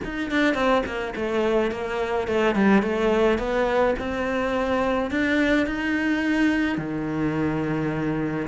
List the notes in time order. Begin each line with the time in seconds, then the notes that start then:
0.04 D#4
0.30 D4
0.54 C4
0.85 A#3
1.15 A3
1.71 A#3
2.27 A3
2.55 G3
2.82 A3
3.38 B3
3.99 C4
5.10 D4
5.66 D#4
6.77 D#3